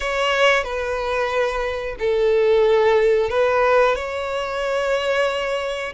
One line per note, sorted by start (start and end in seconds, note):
0.00 0.63 C#5
0.63 1.95 B4
1.99 3.29 A4
3.29 3.95 B4
3.95 5.93 C#5